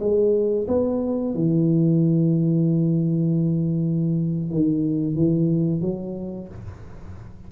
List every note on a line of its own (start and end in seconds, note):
0.00 0.67 G#3
0.68 1.35 B3
1.35 4.50 E3
4.50 5.15 D#3
5.15 5.81 E3
5.81 6.48 F#3